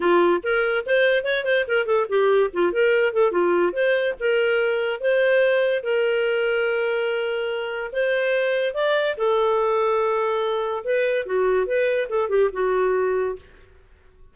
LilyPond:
\new Staff \with { instrumentName = "clarinet" } { \time 4/4 \tempo 4 = 144 f'4 ais'4 c''4 cis''8 c''8 | ais'8 a'8 g'4 f'8 ais'4 a'8 | f'4 c''4 ais'2 | c''2 ais'2~ |
ais'2. c''4~ | c''4 d''4 a'2~ | a'2 b'4 fis'4 | b'4 a'8 g'8 fis'2 | }